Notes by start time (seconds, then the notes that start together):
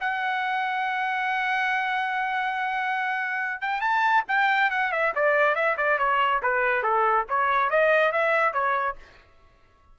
0.00 F#5
3.61 G5
3.81 A5
4.28 G5
4.70 F#5
4.92 E5
5.15 D5
5.55 E5
5.77 D5
5.98 C#5
6.42 B4
6.82 A4
7.29 C#5
7.70 D#5
8.12 E5
8.53 C#5